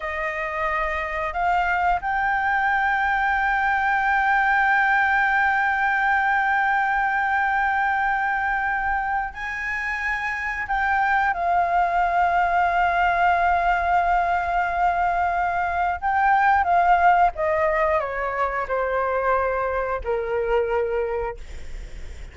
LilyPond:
\new Staff \with { instrumentName = "flute" } { \time 4/4 \tempo 4 = 90 dis''2 f''4 g''4~ | g''1~ | g''1~ | g''2 gis''2 |
g''4 f''2.~ | f''1 | g''4 f''4 dis''4 cis''4 | c''2 ais'2 | }